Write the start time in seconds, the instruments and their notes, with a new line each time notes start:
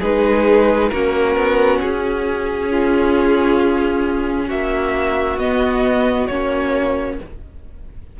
0.00 cello G#3, viola D#4, violin G#4 B4
0.89 cello A#3, viola C#4, violin F#4 A#4
1.36 cello B3
1.81 cello C#4, violin G#4
2.70 violin F4
4.47 cello A#3, violin F#4 E5
5.38 cello B3, viola B3, violin D#5
6.27 cello A#3, viola C#4, violin C#5